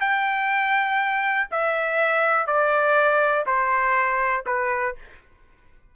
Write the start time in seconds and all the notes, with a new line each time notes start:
0.00 G5
1.51 E5
2.47 D5
3.46 C5
4.46 B4